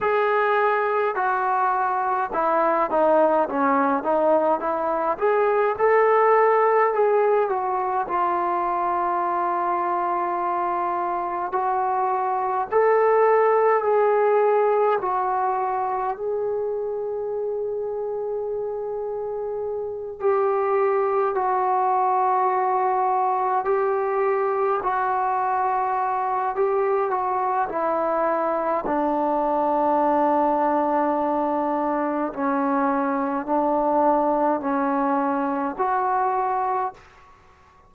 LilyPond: \new Staff \with { instrumentName = "trombone" } { \time 4/4 \tempo 4 = 52 gis'4 fis'4 e'8 dis'8 cis'8 dis'8 | e'8 gis'8 a'4 gis'8 fis'8 f'4~ | f'2 fis'4 a'4 | gis'4 fis'4 gis'2~ |
gis'4. g'4 fis'4.~ | fis'8 g'4 fis'4. g'8 fis'8 | e'4 d'2. | cis'4 d'4 cis'4 fis'4 | }